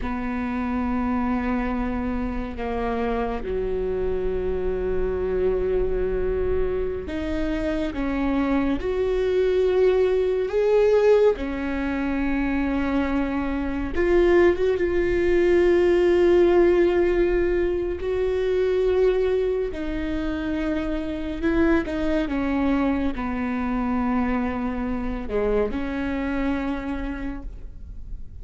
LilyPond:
\new Staff \with { instrumentName = "viola" } { \time 4/4 \tempo 4 = 70 b2. ais4 | fis1~ | fis16 dis'4 cis'4 fis'4.~ fis'16~ | fis'16 gis'4 cis'2~ cis'8.~ |
cis'16 f'8. fis'16 f'2~ f'8.~ | f'4 fis'2 dis'4~ | dis'4 e'8 dis'8 cis'4 b4~ | b4. gis8 cis'2 | }